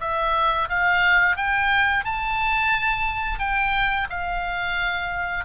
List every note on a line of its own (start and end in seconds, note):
0.00 0.68 E5
0.69 1.36 F5
1.36 2.05 G5
2.05 3.39 A5
3.39 4.07 G5
4.09 5.45 F5